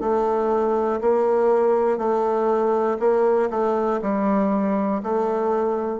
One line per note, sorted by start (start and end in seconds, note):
0.00 1.00 A3
1.01 1.98 A#3
1.98 2.98 A3
2.99 3.49 A#3
3.50 4.00 A3
4.02 5.02 G3
5.03 6.00 A3